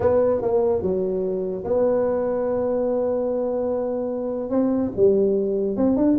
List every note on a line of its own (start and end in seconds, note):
0.00 0.41 B3
0.41 0.81 A#3
0.81 1.64 F#3
1.64 4.50 B3
4.50 4.91 C4
4.95 5.76 G3
5.76 5.96 C4
5.96 6.17 D4